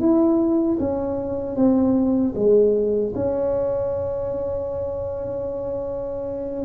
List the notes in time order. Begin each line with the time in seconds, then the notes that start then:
0.00 E4
0.79 C#4
1.56 C4
2.35 G#3
3.15 C#4